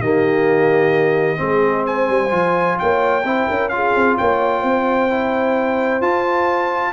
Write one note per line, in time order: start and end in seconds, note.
0.00 1.38 D#3
0.00 1.37 A#3
0.00 1.40 G4
0.00 1.85 D#5
1.37 2.09 G#3
1.37 2.29 C4
1.37 1.86 G#4
1.86 2.78 C5
1.86 2.78 G#5
2.09 2.31 G3
2.30 2.77 F3
2.30 3.22 F4
2.79 3.24 A#3
2.79 3.25 C#5
2.79 3.69 G5
3.24 3.47 C4
3.24 3.71 E4
3.24 3.48 C5
3.48 3.95 C#4
3.48 3.71 A#4
3.69 5.09 F4
3.69 4.17 G#4
3.69 4.15 F5
3.95 4.18 C4
4.17 4.63 A#3
4.17 4.61 C#5
4.17 6.02 G5
4.61 6.01 C4
4.61 6.92 C5
5.09 6.01 E4
6.01 6.92 F4
6.01 6.92 A5